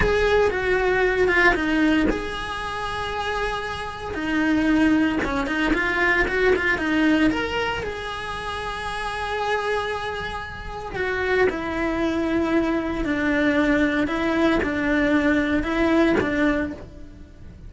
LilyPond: \new Staff \with { instrumentName = "cello" } { \time 4/4 \tempo 4 = 115 gis'4 fis'4. f'8 dis'4 | gis'1 | dis'2 cis'8 dis'8 f'4 | fis'8 f'8 dis'4 ais'4 gis'4~ |
gis'1~ | gis'4 fis'4 e'2~ | e'4 d'2 e'4 | d'2 e'4 d'4 | }